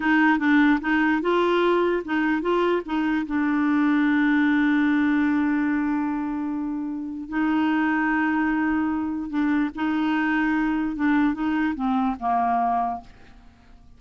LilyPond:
\new Staff \with { instrumentName = "clarinet" } { \time 4/4 \tempo 4 = 148 dis'4 d'4 dis'4 f'4~ | f'4 dis'4 f'4 dis'4 | d'1~ | d'1~ |
d'2 dis'2~ | dis'2. d'4 | dis'2. d'4 | dis'4 c'4 ais2 | }